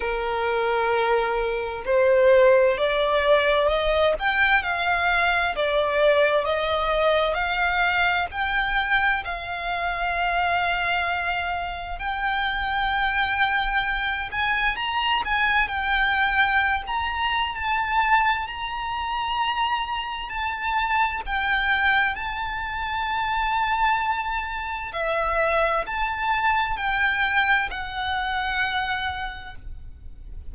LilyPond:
\new Staff \with { instrumentName = "violin" } { \time 4/4 \tempo 4 = 65 ais'2 c''4 d''4 | dis''8 g''8 f''4 d''4 dis''4 | f''4 g''4 f''2~ | f''4 g''2~ g''8 gis''8 |
ais''8 gis''8 g''4~ g''16 ais''8. a''4 | ais''2 a''4 g''4 | a''2. e''4 | a''4 g''4 fis''2 | }